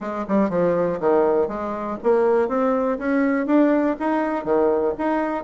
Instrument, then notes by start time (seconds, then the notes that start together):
bassoon
0.00 G#3
0.27 G3
0.49 F3
1.00 D#3
1.47 G#3
2.03 A#3
2.48 C4
2.98 C#4
3.46 D4
3.99 D#4
4.44 D#3
4.98 D#4